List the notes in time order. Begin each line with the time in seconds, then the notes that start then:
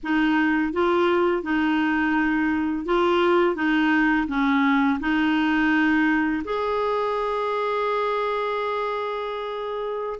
0.03 D#4
0.72 F4
1.43 D#4
2.85 F4
3.55 D#4
4.27 C#4
4.99 D#4
6.44 G#4